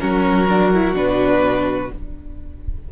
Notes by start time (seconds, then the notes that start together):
0.00 F#3 C#4 F#4 A#4
0.50 D4
0.74 E4
0.94 B2 D4 B4